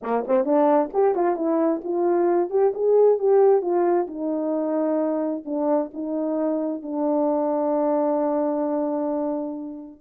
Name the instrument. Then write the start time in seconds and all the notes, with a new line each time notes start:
horn
0.02 A#3
0.27 C4
0.44 D4
0.93 G4
1.15 F4
1.36 E4
1.83 F4
2.50 G4
2.74 G#4
3.18 G4
3.61 F4
4.07 D#4
5.45 D4
5.93 D#4
6.82 D4